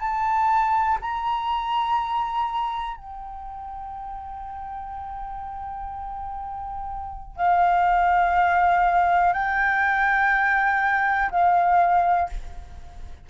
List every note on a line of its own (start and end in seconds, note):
0.00 0.98 A5
1.02 2.97 A#5
2.97 7.37 G5
7.37 9.34 F5
9.34 11.30 G5
11.32 12.30 F5